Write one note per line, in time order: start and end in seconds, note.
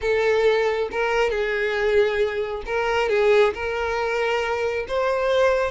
0.01 0.89 A4
0.91 1.30 A#4
1.30 2.62 G#4
2.66 3.09 A#4
3.09 3.53 G#4
3.53 4.86 A#4
4.88 5.71 C5